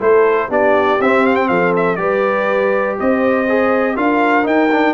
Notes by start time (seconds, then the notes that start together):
0.00 A3 E4 A4 C5
0.49 B3 D4 G4 D5
1.00 C4 E5
1.27 F5
1.36 G5
1.49 F3 A4 F5
1.77 E5
1.96 G3 G4 B4 D5
2.99 C4 C5 D#5
3.49 G#4
3.96 D4 F4 A#4 F5
4.44 D#4 G5
4.72 D4